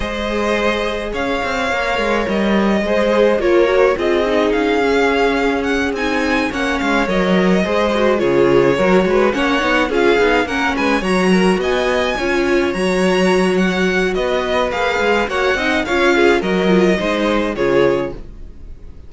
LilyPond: <<
  \new Staff \with { instrumentName = "violin" } { \time 4/4 \tempo 4 = 106 dis''2 f''2 | dis''2 cis''4 dis''4 | f''2 fis''8 gis''4 fis''8 | f''8 dis''2 cis''4.~ |
cis''8 fis''4 f''4 fis''8 gis''8 ais''8~ | ais''8 gis''2 ais''4. | fis''4 dis''4 f''4 fis''4 | f''4 dis''2 cis''4 | }
  \new Staff \with { instrumentName = "violin" } { \time 4/4 c''2 cis''2~ | cis''4 c''4 ais'4 gis'4~ | gis'2.~ gis'8 cis''8~ | cis''4. c''4 gis'4 ais'8 |
b'8 cis''4 gis'4 ais'8 b'8 cis''8 | ais'8 dis''4 cis''2~ cis''8~ | cis''4 b'2 cis''8 dis''8 | cis''8 gis'8 ais'4 c''4 gis'4 | }
  \new Staff \with { instrumentName = "viola" } { \time 4/4 gis'2. ais'4~ | ais'4 gis'4 f'8 fis'8 f'8 dis'8~ | dis'8 cis'2 dis'4 cis'8~ | cis'8 ais'4 gis'8 fis'8 f'4 fis'8~ |
fis'8 cis'8 dis'8 f'8 dis'8 cis'4 fis'8~ | fis'4. f'4 fis'4.~ | fis'2 gis'4 fis'8 dis'8 | f'4 fis'8 f'8 dis'4 f'4 | }
  \new Staff \with { instrumentName = "cello" } { \time 4/4 gis2 cis'8 c'8 ais8 gis8 | g4 gis4 ais4 c'4 | cis'2~ cis'8 c'4 ais8 | gis8 fis4 gis4 cis4 fis8 |
gis8 ais8 b8 cis'8 b8 ais8 gis8 fis8~ | fis8 b4 cis'4 fis4.~ | fis4 b4 ais8 gis8 ais8 c'8 | cis'4 fis4 gis4 cis4 | }
>>